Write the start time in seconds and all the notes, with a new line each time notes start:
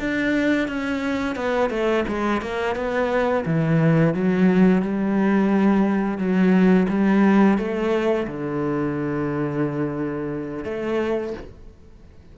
0.00 D4
0.68 C#4
1.36 B3
1.70 A3
2.08 G#3
2.42 A#3
2.76 B3
3.46 E3
4.14 F#3
4.82 G3
6.18 F#3
6.89 G3
7.58 A3
8.28 D3
10.65 A3